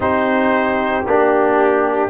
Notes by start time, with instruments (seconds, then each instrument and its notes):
0.00 tuba C4, trombone D#4, horn G4, trumpet C5
1.06 tuba A#3, trombone D4, trumpet G4